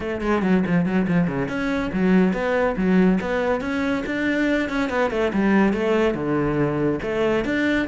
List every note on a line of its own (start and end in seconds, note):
0.00 0.21 A3
0.21 0.42 G#3
0.42 0.63 F#3
0.66 0.85 F3
0.85 1.06 F#3
1.07 1.27 F3
1.27 1.48 C#3
1.48 1.91 C#4
1.92 2.33 F#3
2.33 2.75 B3
2.76 3.19 F#3
3.21 3.61 B3
3.61 4.03 C#4
4.06 4.69 D4
4.69 4.89 C#4
4.89 5.10 B3
5.10 5.32 A3
5.33 5.73 G3
5.73 6.14 A3
6.14 6.99 D3
7.02 7.44 A3
7.44 7.87 D4